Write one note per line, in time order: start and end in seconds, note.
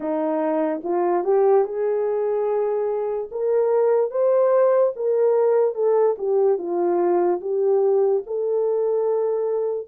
0.00 0.81 D#4
0.83 1.23 F4
1.23 1.64 G4
1.64 3.29 G#4
3.31 4.11 A#4
4.11 4.93 C5
4.96 5.75 A#4
5.75 6.16 A4
6.18 6.58 G4
6.58 7.40 F4
7.40 8.23 G4
8.26 9.87 A4